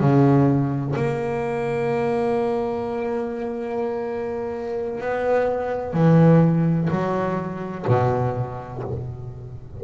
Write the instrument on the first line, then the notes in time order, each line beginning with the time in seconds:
double bass
0.00 C#3
0.96 A#3
5.01 B3
5.94 E3
6.90 F#3
7.88 B2